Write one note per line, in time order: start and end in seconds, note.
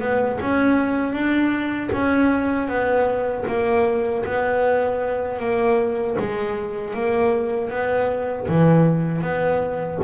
0.00 0.38 B3
0.41 1.13 C#4
1.13 1.90 D4
1.92 2.67 C#4
2.67 3.44 B3
3.48 4.24 A#3
4.25 5.39 B3
5.39 6.16 A#3
6.19 6.94 G#3
6.94 7.70 A#3
7.70 8.47 B3
8.48 9.21 E3
9.21 9.98 B3